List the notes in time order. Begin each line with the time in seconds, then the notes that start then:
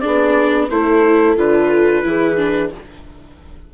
0.00 B3 D4 G#4 D5
0.69 A3 E4 A4 C5
1.36 D3 F4 B4
2.03 E3 E4 G#4
2.36 D4